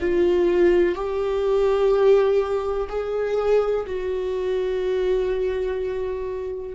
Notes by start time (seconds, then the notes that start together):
0.00 F4
0.95 G4
2.89 G#4
3.86 F#4